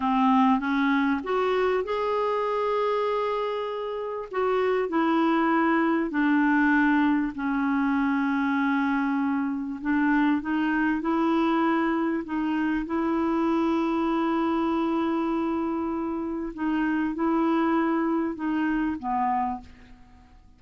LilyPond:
\new Staff \with { instrumentName = "clarinet" } { \time 4/4 \tempo 4 = 98 c'4 cis'4 fis'4 gis'4~ | gis'2. fis'4 | e'2 d'2 | cis'1 |
d'4 dis'4 e'2 | dis'4 e'2.~ | e'2. dis'4 | e'2 dis'4 b4 | }